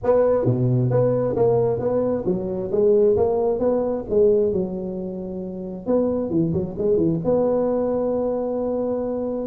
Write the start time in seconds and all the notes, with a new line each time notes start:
0.03 B3
0.45 B2
0.90 B3
1.36 A#3
1.79 B3
2.25 F#3
2.71 G#3
3.17 A#3
3.59 B3
4.09 G#3
4.52 F#3
5.86 B3
6.30 E3
6.53 F#3
6.78 G#3
6.97 E3
7.24 B3